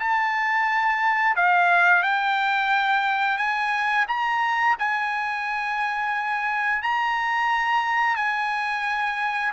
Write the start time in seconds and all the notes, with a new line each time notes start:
0.00 A5
1.36 F5
2.03 G5
3.38 G#5
4.08 A#5
4.79 G#5
6.82 A#5
8.16 G#5